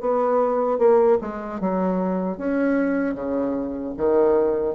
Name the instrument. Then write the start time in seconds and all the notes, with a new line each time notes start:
bassoon
0.00 B3
0.78 A#3
1.21 G#3
1.60 F#3
2.37 C#4
3.14 C#3
3.97 D#3